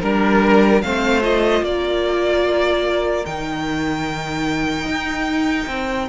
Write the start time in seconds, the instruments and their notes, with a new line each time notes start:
0.00 cello G3, viola D4, violin A#4
0.81 cello A3, viola C4, violin C5 F5
1.22 viola F4, violin D#5
1.61 cello A#3, violin A#4 D5
3.25 cello D#3, viola D#4, violin G5
4.85 cello D#4
5.67 cello C4